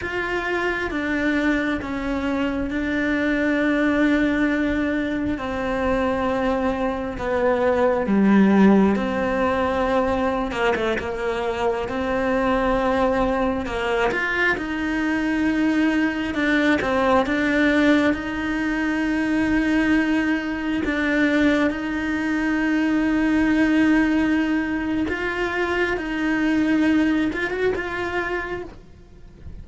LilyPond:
\new Staff \with { instrumentName = "cello" } { \time 4/4 \tempo 4 = 67 f'4 d'4 cis'4 d'4~ | d'2 c'2 | b4 g4 c'4.~ c'16 ais16 | a16 ais4 c'2 ais8 f'16~ |
f'16 dis'2 d'8 c'8 d'8.~ | d'16 dis'2. d'8.~ | d'16 dis'2.~ dis'8. | f'4 dis'4. f'16 fis'16 f'4 | }